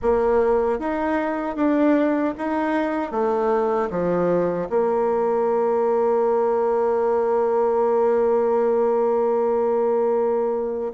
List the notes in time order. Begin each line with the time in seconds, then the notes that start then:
0.02 A#3
0.79 D#4
1.55 D4
2.38 D#4
3.11 A3
3.90 F3
4.69 A#3